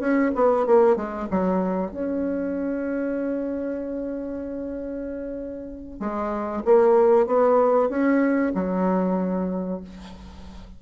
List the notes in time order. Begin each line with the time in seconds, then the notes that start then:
0.00 C#4
0.35 B3
0.67 A#3
0.96 G#3
1.31 F#3
1.91 C#4
6.00 G#3
6.65 A#3
7.27 B3
7.90 C#4
8.55 F#3